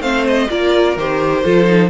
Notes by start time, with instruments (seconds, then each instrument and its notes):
0.00 cello A3, viola C4, violin C5 F5
0.28 violin D#5
0.50 cello A#3, viola F4, violin A#4 D5
0.97 cello D#3, viola G4, violin C5
1.44 cello F3, viola F4, violin A4
1.65 viola D#4